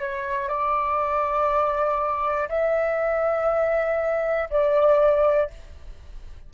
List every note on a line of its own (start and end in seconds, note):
0.00 0.48 C#5
0.48 2.48 D5
2.49 4.49 E5
4.50 5.50 D5